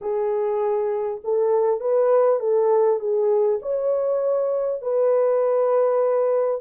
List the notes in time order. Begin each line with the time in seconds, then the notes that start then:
0.01 G#4
1.24 A4
1.80 B4
2.39 A4
2.99 G#4
3.62 C#5
4.81 B4